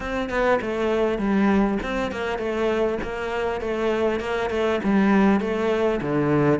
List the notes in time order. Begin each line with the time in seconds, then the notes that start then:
0.00 C4
0.29 B3
0.61 A3
1.18 G3
1.82 C4
2.11 A#3
2.38 A3
3.02 A#3
3.61 A3
4.20 A#3
4.50 A3
4.83 G3
5.40 A3
6.01 D3